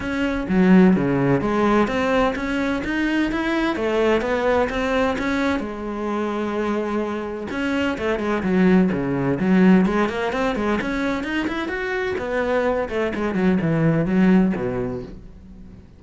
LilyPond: \new Staff \with { instrumentName = "cello" } { \time 4/4 \tempo 4 = 128 cis'4 fis4 cis4 gis4 | c'4 cis'4 dis'4 e'4 | a4 b4 c'4 cis'4 | gis1 |
cis'4 a8 gis8 fis4 cis4 | fis4 gis8 ais8 c'8 gis8 cis'4 | dis'8 e'8 fis'4 b4. a8 | gis8 fis8 e4 fis4 b,4 | }